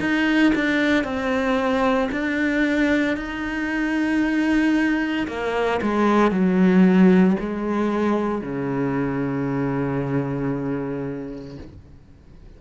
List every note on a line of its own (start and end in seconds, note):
0.00 0.53 D#4
0.55 1.04 D4
1.04 2.09 C4
2.11 3.17 D4
3.17 5.27 D#4
5.28 5.80 A#3
5.82 6.31 G#3
6.31 7.36 F#3
7.40 8.42 G#3
8.42 11.57 C#3